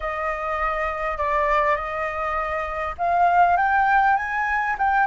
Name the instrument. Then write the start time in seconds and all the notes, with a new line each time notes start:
flute
0.00 D#5
1.17 D5
1.76 D#5
2.98 F5
3.56 G5
4.16 G#5
4.78 G5